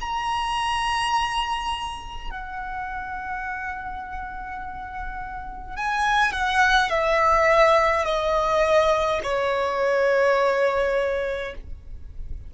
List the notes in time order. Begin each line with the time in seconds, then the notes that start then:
0.00 A#5
2.30 F#5
5.76 G#5
6.32 F#5
6.89 E5
8.05 D#5
9.23 C#5